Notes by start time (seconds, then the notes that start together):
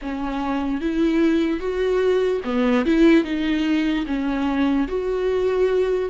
0.01 C#4
0.80 E4
1.60 F#4
2.44 B3
2.85 E4
3.24 D#4
4.06 C#4
4.88 F#4